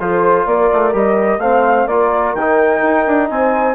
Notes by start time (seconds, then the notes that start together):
0.00 F3 F4 A4 C5
0.46 A#3 A#4 D5
0.73 A3
0.93 G3 G4 D#5
1.38 A3 C4 C5 F5
1.87 A#3 F4 A#4 D5
2.34 D#3 D#4 G5
2.82 D#4
3.07 D4
3.30 C4 C5 G#5